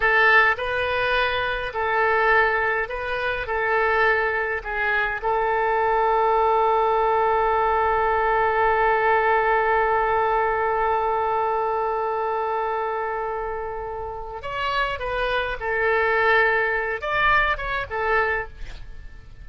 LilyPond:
\new Staff \with { instrumentName = "oboe" } { \time 4/4 \tempo 4 = 104 a'4 b'2 a'4~ | a'4 b'4 a'2 | gis'4 a'2.~ | a'1~ |
a'1~ | a'1~ | a'4 cis''4 b'4 a'4~ | a'4. d''4 cis''8 a'4 | }